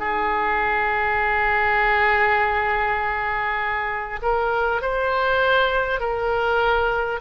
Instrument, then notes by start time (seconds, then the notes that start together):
oboe
0.00 G#4
4.22 A#4
4.82 C5
6.01 A#4